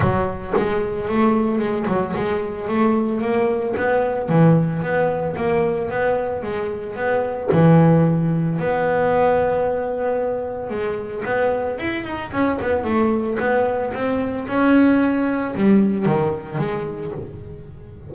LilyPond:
\new Staff \with { instrumentName = "double bass" } { \time 4/4 \tempo 4 = 112 fis4 gis4 a4 gis8 fis8 | gis4 a4 ais4 b4 | e4 b4 ais4 b4 | gis4 b4 e2 |
b1 | gis4 b4 e'8 dis'8 cis'8 b8 | a4 b4 c'4 cis'4~ | cis'4 g4 dis4 gis4 | }